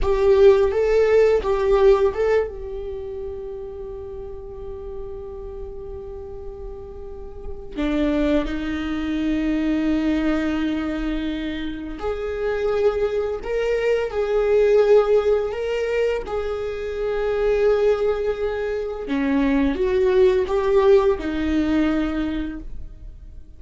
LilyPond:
\new Staff \with { instrumentName = "viola" } { \time 4/4 \tempo 4 = 85 g'4 a'4 g'4 a'8 g'8~ | g'1~ | g'2. d'4 | dis'1~ |
dis'4 gis'2 ais'4 | gis'2 ais'4 gis'4~ | gis'2. cis'4 | fis'4 g'4 dis'2 | }